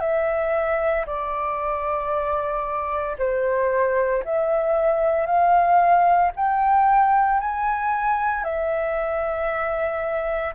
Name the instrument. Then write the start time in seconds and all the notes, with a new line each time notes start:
flute
0.00 E5
1.06 D5
3.18 C5
4.24 E5
5.26 F5
6.35 G5
7.40 G#5
8.44 E5